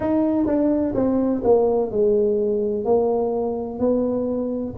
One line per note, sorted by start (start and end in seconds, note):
0.00 0.46 D#4
0.46 0.94 D4
0.94 1.42 C4
1.44 1.91 A#3
1.91 2.84 G#3
2.84 3.79 A#3
3.79 4.74 B3